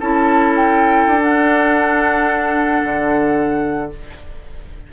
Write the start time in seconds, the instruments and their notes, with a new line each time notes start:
0.00 bassoon C#4, clarinet E4, oboe A4, flute A5
0.56 flute G5
1.07 bassoon D4
1.20 clarinet D4, flute F#5
2.84 bassoon D3